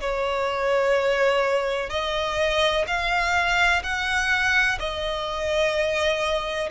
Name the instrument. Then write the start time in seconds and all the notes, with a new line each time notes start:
violin
0.00 C#5
1.90 D#5
2.87 F5
3.83 F#5
4.79 D#5